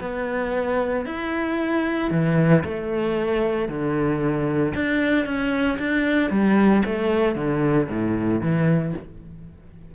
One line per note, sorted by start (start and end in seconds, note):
0.00 1.05 B3
1.06 2.11 E4
2.11 2.63 E3
2.64 3.68 A3
3.68 4.73 D3
4.74 5.25 D4
5.25 5.78 C#4
5.78 6.30 D4
6.30 6.83 G3
6.85 7.35 A3
7.35 7.88 D3
7.89 8.41 A2
8.41 8.93 E3